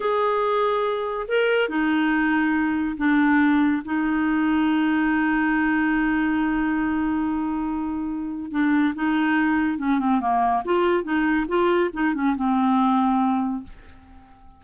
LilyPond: \new Staff \with { instrumentName = "clarinet" } { \time 4/4 \tempo 4 = 141 gis'2. ais'4 | dis'2. d'4~ | d'4 dis'2.~ | dis'1~ |
dis'1 | d'4 dis'2 cis'8 c'8 | ais4 f'4 dis'4 f'4 | dis'8 cis'8 c'2. | }